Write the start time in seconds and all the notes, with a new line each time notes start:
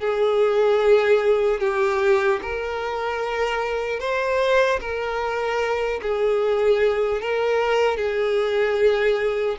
0.00 G#4
1.60 G4
2.42 A#4
4.00 C5
4.80 A#4
6.02 G#4
7.21 A#4
7.97 G#4